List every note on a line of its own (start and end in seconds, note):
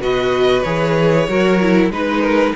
0.00 0.63 B2
0.00 0.64 F#4
0.00 1.28 B4
0.00 0.62 D#5
0.62 1.28 E3
0.62 1.28 G#4
0.62 1.88 C#5
1.28 1.90 F#3
1.28 1.60 F#4
1.28 1.91 A#4
1.61 1.92 E4
1.90 2.53 G#3
1.90 2.55 D#4
1.90 2.55 B4
1.90 2.21 B4
2.21 2.53 A#4